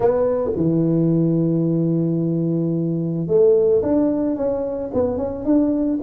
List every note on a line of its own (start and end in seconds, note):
0.00 0.51 B3
0.56 3.27 E3
3.27 3.81 A3
3.82 4.35 D4
4.35 4.90 C#4
4.93 5.17 B3
5.17 5.44 C#4
5.44 5.99 D4